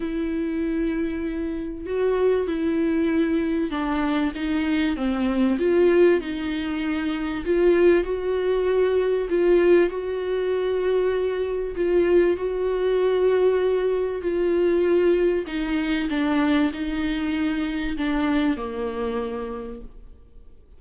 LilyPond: \new Staff \with { instrumentName = "viola" } { \time 4/4 \tempo 4 = 97 e'2. fis'4 | e'2 d'4 dis'4 | c'4 f'4 dis'2 | f'4 fis'2 f'4 |
fis'2. f'4 | fis'2. f'4~ | f'4 dis'4 d'4 dis'4~ | dis'4 d'4 ais2 | }